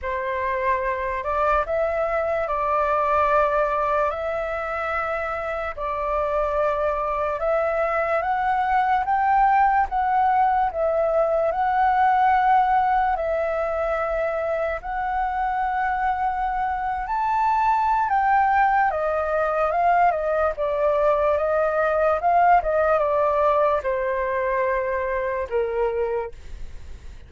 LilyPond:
\new Staff \with { instrumentName = "flute" } { \time 4/4 \tempo 4 = 73 c''4. d''8 e''4 d''4~ | d''4 e''2 d''4~ | d''4 e''4 fis''4 g''4 | fis''4 e''4 fis''2 |
e''2 fis''2~ | fis''8. a''4~ a''16 g''4 dis''4 | f''8 dis''8 d''4 dis''4 f''8 dis''8 | d''4 c''2 ais'4 | }